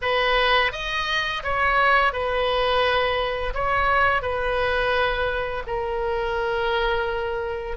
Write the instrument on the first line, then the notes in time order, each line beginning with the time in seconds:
oboe
0.01 B4
0.72 D#5
1.43 C#5
2.12 B4
3.54 C#5
4.22 B4
5.67 A#4